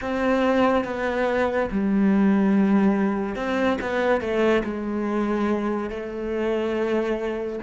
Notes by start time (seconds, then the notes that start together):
0.01 C4
0.84 B3
1.71 G3
3.35 C4
3.81 B3
4.20 A3
4.64 G#3
5.90 A3